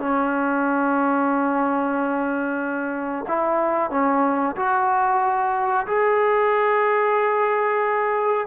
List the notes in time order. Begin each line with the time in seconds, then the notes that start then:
0.00 C#4
3.29 E4
3.91 C#4
4.57 F#4
5.87 G#4